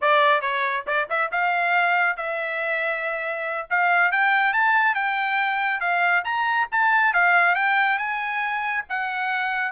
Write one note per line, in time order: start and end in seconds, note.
0.01 0.41 D5
0.41 0.84 C#5
0.86 1.08 D5
1.09 1.31 E5
1.31 2.17 F5
2.17 3.68 E5
3.69 4.11 F5
4.11 4.53 G5
4.53 4.94 A5
4.94 5.80 G5
5.80 6.23 F5
6.24 6.67 A#5
6.71 7.13 A5
7.13 7.55 F5
7.55 7.98 G5
7.98 8.84 G#5
8.89 9.71 F#5